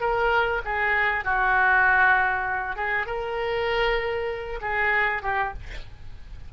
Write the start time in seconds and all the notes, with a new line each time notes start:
0.00 A#4
0.65 G#4
1.24 F#4
2.76 G#4
3.06 A#4
4.61 G#4
5.22 G4